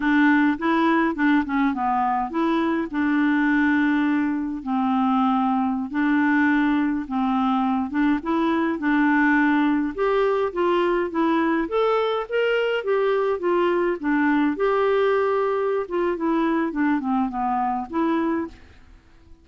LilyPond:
\new Staff \with { instrumentName = "clarinet" } { \time 4/4 \tempo 4 = 104 d'4 e'4 d'8 cis'8 b4 | e'4 d'2. | c'2~ c'16 d'4.~ d'16~ | d'16 c'4. d'8 e'4 d'8.~ |
d'4~ d'16 g'4 f'4 e'8.~ | e'16 a'4 ais'4 g'4 f'8.~ | f'16 d'4 g'2~ g'16 f'8 | e'4 d'8 c'8 b4 e'4 | }